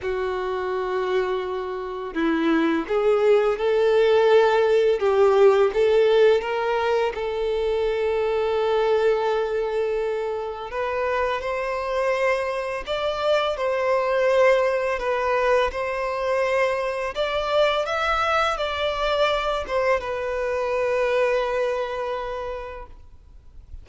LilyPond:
\new Staff \with { instrumentName = "violin" } { \time 4/4 \tempo 4 = 84 fis'2. e'4 | gis'4 a'2 g'4 | a'4 ais'4 a'2~ | a'2. b'4 |
c''2 d''4 c''4~ | c''4 b'4 c''2 | d''4 e''4 d''4. c''8 | b'1 | }